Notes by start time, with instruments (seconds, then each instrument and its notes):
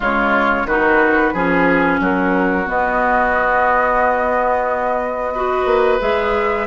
0.00 bassoon C#3, clarinet G#3, oboe F4, flute C#5
0.65 bassoon D#3, clarinet D#4, oboe F#4, flute B4
1.33 bassoon F3, clarinet C#4, oboe G#4
2.00 bassoon F#3, oboe F#4, flute A#4
2.66 clarinet B3, bassoon B3, flute D#5
5.34 clarinet F#4, oboe B4
5.65 bassoon A#3
5.99 bassoon G#3, clarinet G#4, flute E5